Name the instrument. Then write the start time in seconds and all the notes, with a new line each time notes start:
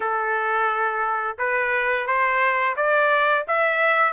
trumpet
0.00 A4
1.38 B4
2.06 C5
2.76 D5
3.47 E5